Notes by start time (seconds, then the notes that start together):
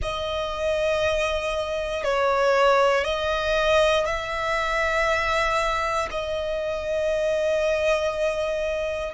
0.01 D#5
2.03 C#5
3.04 D#5
4.05 E5
6.11 D#5